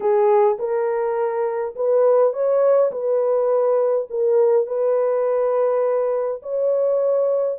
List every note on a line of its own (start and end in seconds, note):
0.00 0.57 G#4
0.59 1.75 A#4
1.75 2.33 B4
2.33 2.91 C#5
2.91 4.08 B4
4.09 4.67 A#4
4.67 6.41 B4
6.42 7.58 C#5